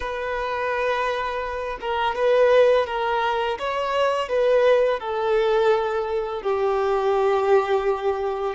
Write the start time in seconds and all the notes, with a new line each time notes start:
0.00 B4
1.81 A#4
2.15 B4
2.86 A#4
3.58 C#5
4.28 B4
4.99 A4
6.42 G4